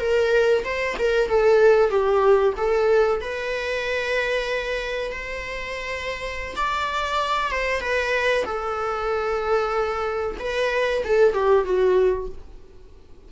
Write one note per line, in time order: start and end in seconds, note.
0.00 0.64 A#4
0.64 0.96 C5
0.99 1.29 A#4
1.29 1.90 A4
1.90 2.54 G4
2.57 3.21 A4
3.21 5.12 B4
5.12 6.55 C5
6.56 7.51 D5
7.51 7.81 C5
7.81 8.45 B4
8.45 10.37 A4
10.40 11.03 B4
11.04 11.34 A4
11.34 11.65 G4
11.65 12.29 F#4